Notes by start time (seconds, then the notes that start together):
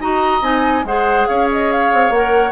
0.00 D#4 F#4 D#5 A#5
0.42 C4 D#4 G#5
0.84 G#3 G#4 C5 F#5
1.27 C#4 C#5 F5
1.52 D#5
1.72 F5
1.94 C4
2.10 A#3 A#4 F#5